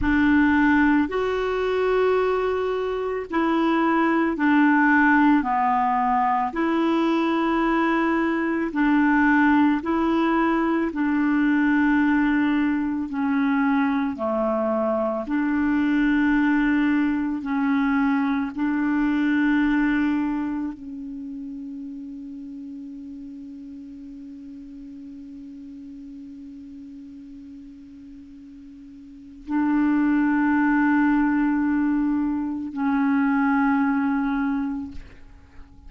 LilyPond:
\new Staff \with { instrumentName = "clarinet" } { \time 4/4 \tempo 4 = 55 d'4 fis'2 e'4 | d'4 b4 e'2 | d'4 e'4 d'2 | cis'4 a4 d'2 |
cis'4 d'2 cis'4~ | cis'1~ | cis'2. d'4~ | d'2 cis'2 | }